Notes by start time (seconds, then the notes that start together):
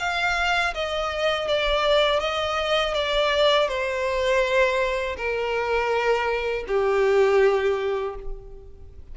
0.00 F5
0.74 D#5
1.48 D5
2.20 D#5
2.95 D5
3.68 C5
5.17 A#4
6.68 G4